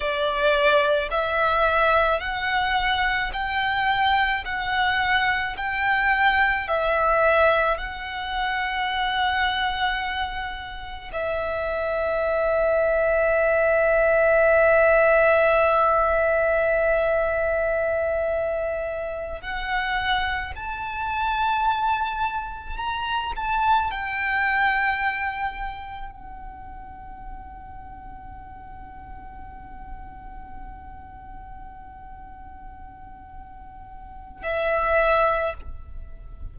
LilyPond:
\new Staff \with { instrumentName = "violin" } { \time 4/4 \tempo 4 = 54 d''4 e''4 fis''4 g''4 | fis''4 g''4 e''4 fis''4~ | fis''2 e''2~ | e''1~ |
e''4. fis''4 a''4.~ | a''8 ais''8 a''8 g''2 fis''8~ | fis''1~ | fis''2. e''4 | }